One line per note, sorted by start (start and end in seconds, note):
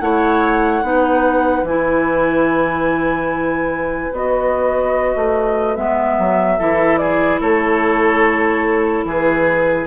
0.00 0.82 A3
0.00 0.83 E4
0.00 0.84 C#5
0.00 1.64 F#5
0.82 1.63 B3
0.82 1.65 D#4
0.82 6.59 B4
1.63 4.10 E3
1.63 4.12 E4
1.63 4.14 G#5
4.12 5.15 B3
4.12 5.76 F#4
4.12 5.76 D#5
5.16 5.77 A3
5.76 6.18 G#3
5.76 6.58 B3
5.76 6.98 E5
6.18 6.59 F#3
6.59 7.41 E3
6.59 9.86 E4
6.59 7.00 A4
6.98 7.41 G#4
6.98 7.39 D5
7.41 9.05 A3
7.41 9.05 A4
7.41 9.06 C#5
9.05 9.86 E3
9.05 9.86 G#4
9.05 9.86 B4